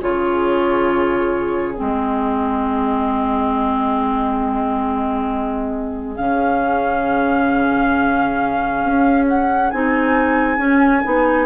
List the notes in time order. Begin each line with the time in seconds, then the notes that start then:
0.00 C#3 F4 G#4 C#5
1.75 G#3 C4 D#5
6.16 C#3 C#4 F5
8.84 C#4
9.28 F#5
9.71 C4 D#4 G#5
10.58 C#4
11.03 B3 D#4